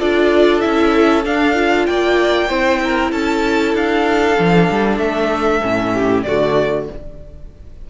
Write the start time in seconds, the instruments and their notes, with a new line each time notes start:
0.00 cello D4, viola F4, violin A4 D5
0.61 cello C#4, viola E4, violin E5
1.25 viola D4, cello D4, violin F5
1.54 viola F4
1.87 cello A#3, violin D5 G5
2.49 cello C4, viola E4, violin C5
2.84 violin A#4
3.12 cello C#4, violin A4 A5
3.75 cello D4, violin F5
4.36 cello F3, viola D4
4.71 cello G3
4.98 cello A3, violin E5
5.62 cello A2, viola C#4
5.94 violin G4
6.23 cello D3, viola A3, violin F#4 D5